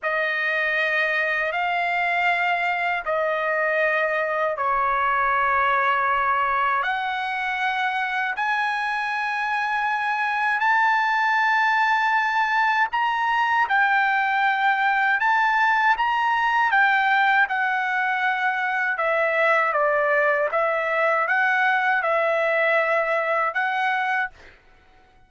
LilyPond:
\new Staff \with { instrumentName = "trumpet" } { \time 4/4 \tempo 4 = 79 dis''2 f''2 | dis''2 cis''2~ | cis''4 fis''2 gis''4~ | gis''2 a''2~ |
a''4 ais''4 g''2 | a''4 ais''4 g''4 fis''4~ | fis''4 e''4 d''4 e''4 | fis''4 e''2 fis''4 | }